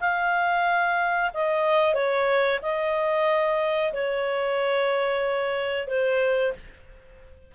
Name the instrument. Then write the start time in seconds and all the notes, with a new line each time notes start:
clarinet
0.00 F5
1.33 D#5
1.94 C#5
2.62 D#5
3.93 C#5
5.87 C5